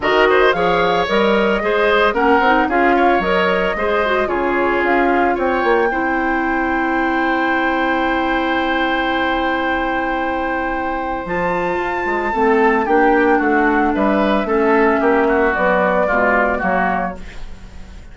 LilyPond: <<
  \new Staff \with { instrumentName = "flute" } { \time 4/4 \tempo 4 = 112 dis''4 f''4 dis''2 | fis''4 f''4 dis''2 | cis''4 f''4 g''2~ | g''1~ |
g''1~ | g''4 a''2. | g''4 fis''4 e''2~ | e''4 d''2 cis''4 | }
  \new Staff \with { instrumentName = "oboe" } { \time 4/4 ais'8 c''8 cis''2 c''4 | ais'4 gis'8 cis''4. c''4 | gis'2 cis''4 c''4~ | c''1~ |
c''1~ | c''2. a'4 | g'4 fis'4 b'4 a'4 | g'8 fis'4. f'4 fis'4 | }
  \new Staff \with { instrumentName = "clarinet" } { \time 4/4 fis'4 gis'4 ais'4 gis'4 | cis'8 dis'8 f'4 ais'4 gis'8 fis'8 | f'2. e'4~ | e'1~ |
e'1~ | e'4 f'2 c'4 | d'2. cis'4~ | cis'4 fis4 gis4 ais4 | }
  \new Staff \with { instrumentName = "bassoon" } { \time 4/4 dis4 f4 g4 gis4 | ais8 c'8 cis'4 fis4 gis4 | cis4 cis'4 c'8 ais8 c'4~ | c'1~ |
c'1~ | c'4 f4 f'8 gis8 a4 | ais4 a4 g4 a4 | ais4 b4 b,4 fis4 | }
>>